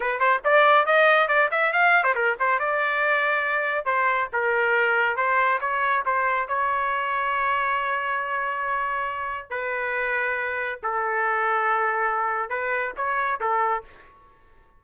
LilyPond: \new Staff \with { instrumentName = "trumpet" } { \time 4/4 \tempo 4 = 139 b'8 c''8 d''4 dis''4 d''8 e''8 | f''8. c''16 ais'8 c''8 d''2~ | d''4 c''4 ais'2 | c''4 cis''4 c''4 cis''4~ |
cis''1~ | cis''2 b'2~ | b'4 a'2.~ | a'4 b'4 cis''4 a'4 | }